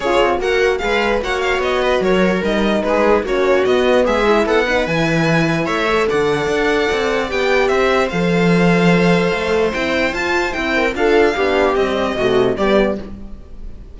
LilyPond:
<<
  \new Staff \with { instrumentName = "violin" } { \time 4/4 \tempo 4 = 148 cis''4 fis''4 f''4 fis''8 f''8 | dis''4 cis''4 dis''4 b'4 | cis''4 dis''4 e''4 fis''4 | gis''2 e''4 fis''4~ |
fis''2 g''4 e''4 | f''1 | g''4 a''4 g''4 f''4~ | f''4 dis''2 d''4 | }
  \new Staff \with { instrumentName = "viola" } { \time 4/4 gis'4 ais'4 b'4 cis''4~ | cis''8 b'8 ais'2 gis'4 | fis'2 gis'4 a'8 b'8~ | b'2 cis''4 d''4~ |
d''2. c''4~ | c''1~ | c''2~ c''8 ais'8 a'4 | g'2 fis'4 g'4 | }
  \new Staff \with { instrumentName = "horn" } { \time 4/4 f'4 fis'4 gis'4 fis'4~ | fis'2 dis'2 | cis'4 b4. e'4 dis'8 | e'2~ e'8 a'4.~ |
a'2 g'2 | a'1 | e'4 f'4 e'4 f'4 | d'4 g4 a4 b4 | }
  \new Staff \with { instrumentName = "cello" } { \time 4/4 cis'8 c'8 ais4 gis4 ais4 | b4 fis4 g4 gis4 | ais4 b4 gis4 b4 | e2 a4 d4 |
d'4 c'4 b4 c'4 | f2. a4 | c'4 f'4 c'4 d'4 | b4 c'4 c4 g4 | }
>>